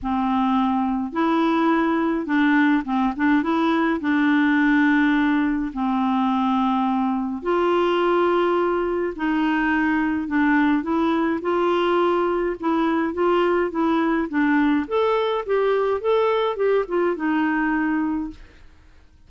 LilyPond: \new Staff \with { instrumentName = "clarinet" } { \time 4/4 \tempo 4 = 105 c'2 e'2 | d'4 c'8 d'8 e'4 d'4~ | d'2 c'2~ | c'4 f'2. |
dis'2 d'4 e'4 | f'2 e'4 f'4 | e'4 d'4 a'4 g'4 | a'4 g'8 f'8 dis'2 | }